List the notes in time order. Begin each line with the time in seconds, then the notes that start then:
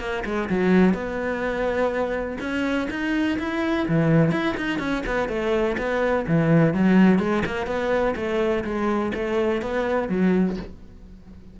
0.00 A#3
0.25 G#3
0.50 F#3
0.94 B3
2.40 C#4
2.91 D#4
3.39 E4
3.88 E3
4.31 E4
4.57 D#4
4.79 C#4
5.06 B3
5.29 A3
5.78 B3
6.28 E3
6.74 F#3
7.19 G#3
7.46 A#3
7.67 B3
8.16 A3
8.64 G#3
9.14 A3
9.62 B3
10.08 F#3